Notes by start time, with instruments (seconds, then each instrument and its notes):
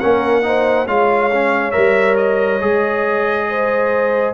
0.00 tuba A#3, trombone C#4, horn A#4, trumpet F#5
0.43 trombone D#4, horn C5
0.88 tuba G#3, trombone F4, horn C#5, trumpet F5
1.34 trombone C#4
1.72 tuba G3, trombone A#4, trumpet E5
2.17 trumpet D#5
2.61 tuba G#3, trombone G#4
3.49 horn C5